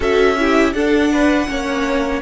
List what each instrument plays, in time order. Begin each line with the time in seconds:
0.00 cello C#4, viola F#4, violin A4 E5
0.37 viola E4, violin G4
0.73 cello D4, viola D4, violin A4 F#5
1.12 violin B4
1.47 cello A#3, viola C#4, violin C#5